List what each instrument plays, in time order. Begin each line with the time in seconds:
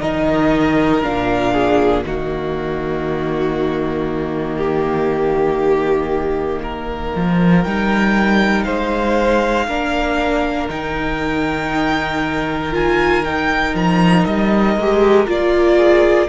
0.00 cello D#3, viola D#4, violin A#4 D#5
1.03 cello A#2, viola D4, violin F5
1.53 violin G#4
2.04 cello D#3, viola A#3, violin F#4 D#5
4.57 violin G4
6.63 violin A#4
7.16 cello F3
7.63 cello G3, viola D#4, violin G5
8.64 cello G#3, violin C5 F5
9.67 cello A#3, viola D4, violin A#4
10.69 cello D#3, viola D#4, violin G5
12.72 viola F4, violin G#5
13.25 viola D#4, violin G5
13.74 cello F3, violin A#5
14.25 cello G3, violin D#5
14.77 cello G#3, viola G4
15.26 cello A#3, viola F4, violin D5
15.77 violin G#4